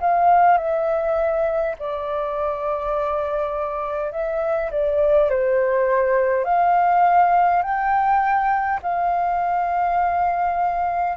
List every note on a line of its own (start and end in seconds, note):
0.00 0.58 F5
0.58 1.75 E5
1.79 4.12 D5
4.12 4.71 E5
4.71 5.30 D5
5.30 6.44 C5
6.44 7.62 F5
7.63 8.80 G5
8.82 11.17 F5